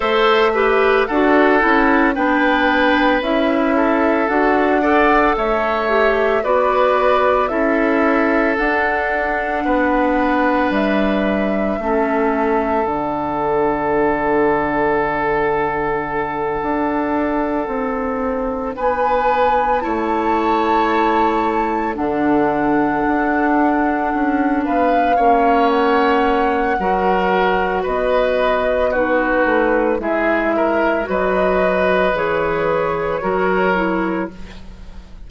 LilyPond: <<
  \new Staff \with { instrumentName = "flute" } { \time 4/4 \tempo 4 = 56 e''4 fis''4 g''4 e''4 | fis''4 e''4 d''4 e''4 | fis''2 e''2 | fis''1~ |
fis''4. gis''4 a''4.~ | a''8 fis''2~ fis''8 f''4 | fis''2 dis''4 b'4 | e''4 dis''4 cis''2 | }
  \new Staff \with { instrumentName = "oboe" } { \time 4/4 c''8 b'8 a'4 b'4. a'8~ | a'8 d''8 cis''4 b'4 a'4~ | a'4 b'2 a'4~ | a'1~ |
a'4. b'4 cis''4.~ | cis''8 a'2~ a'8 b'8 cis''8~ | cis''4 ais'4 b'4 fis'4 | gis'8 ais'8 b'2 ais'4 | }
  \new Staff \with { instrumentName = "clarinet" } { \time 4/4 a'8 g'8 fis'8 e'8 d'4 e'4 | fis'8 a'4 g'8 fis'4 e'4 | d'2. cis'4 | d'1~ |
d'2~ d'8 e'4.~ | e'8 d'2. cis'8~ | cis'4 fis'2 dis'4 | e'4 fis'4 gis'4 fis'8 e'8 | }
  \new Staff \with { instrumentName = "bassoon" } { \time 4/4 a4 d'8 cis'8 b4 cis'4 | d'4 a4 b4 cis'4 | d'4 b4 g4 a4 | d2.~ d8 d'8~ |
d'8 c'4 b4 a4.~ | a8 d4 d'4 cis'8 b8 ais8~ | ais4 fis4 b4. a8 | gis4 fis4 e4 fis4 | }
>>